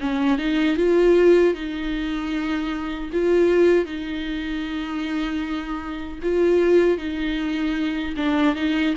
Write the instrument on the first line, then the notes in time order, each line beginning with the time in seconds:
viola
0.00 C#4
0.38 D#4
0.77 F4
1.54 D#4
3.12 F4
3.85 D#4
6.22 F4
6.98 D#4
8.17 D4
8.55 D#4